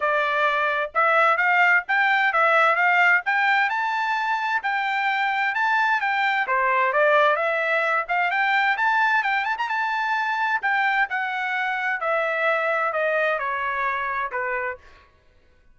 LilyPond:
\new Staff \with { instrumentName = "trumpet" } { \time 4/4 \tempo 4 = 130 d''2 e''4 f''4 | g''4 e''4 f''4 g''4 | a''2 g''2 | a''4 g''4 c''4 d''4 |
e''4. f''8 g''4 a''4 | g''8 a''16 ais''16 a''2 g''4 | fis''2 e''2 | dis''4 cis''2 b'4 | }